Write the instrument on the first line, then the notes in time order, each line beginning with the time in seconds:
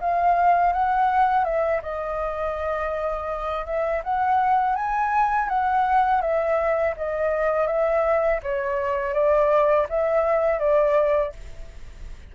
flute
0.00 F5
0.73 F#5
1.44 E5
1.82 D#5
3.65 E5
4.03 F#5
4.75 G#5
5.48 F#5
6.21 E5
6.96 D#5
7.66 E5
8.42 C#5
9.13 D5
9.89 E5
10.59 D5